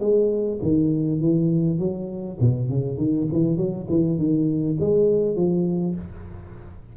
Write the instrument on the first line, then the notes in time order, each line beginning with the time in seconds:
tuba
0.00 G#3
0.63 D#3
1.20 E3
1.79 F#3
2.41 B2
2.69 C#3
2.98 D#3
3.33 E3
3.58 F#3
3.90 E3
4.19 D#3
4.80 G#3
5.36 F3